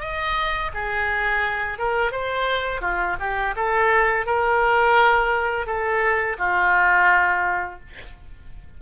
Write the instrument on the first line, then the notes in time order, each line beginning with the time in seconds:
oboe
0.00 D#5
0.74 G#4
1.78 A#4
2.11 C5
2.81 F4
3.19 G4
3.56 A4
4.26 A#4
5.66 A4
6.38 F4